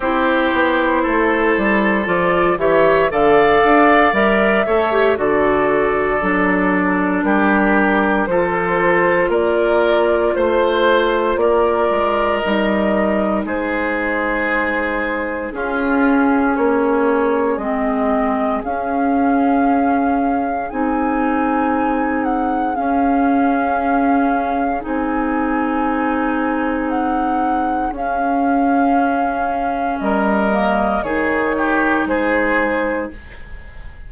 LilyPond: <<
  \new Staff \with { instrumentName = "flute" } { \time 4/4 \tempo 4 = 58 c''2 d''8 e''8 f''4 | e''4 d''2 ais'4 | c''4 d''4 c''4 d''4 | dis''4 c''2 gis'4 |
cis''4 dis''4 f''2 | gis''4. fis''8 f''2 | gis''2 fis''4 f''4~ | f''4 dis''4 cis''4 c''4 | }
  \new Staff \with { instrumentName = "oboe" } { \time 4/4 g'4 a'4. cis''8 d''4~ | d''8 cis''8 a'2 g'4 | a'4 ais'4 c''4 ais'4~ | ais'4 gis'2 f'4 |
gis'1~ | gis'1~ | gis'1~ | gis'4 ais'4 gis'8 g'8 gis'4 | }
  \new Staff \with { instrumentName = "clarinet" } { \time 4/4 e'2 f'8 g'8 a'4 | ais'8 a'16 g'16 fis'4 d'2 | f'1 | dis'2. cis'4~ |
cis'4 c'4 cis'2 | dis'2 cis'2 | dis'2. cis'4~ | cis'4. ais8 dis'2 | }
  \new Staff \with { instrumentName = "bassoon" } { \time 4/4 c'8 b8 a8 g8 f8 e8 d8 d'8 | g8 a8 d4 fis4 g4 | f4 ais4 a4 ais8 gis8 | g4 gis2 cis'4 |
ais4 gis4 cis'2 | c'2 cis'2 | c'2. cis'4~ | cis'4 g4 dis4 gis4 | }
>>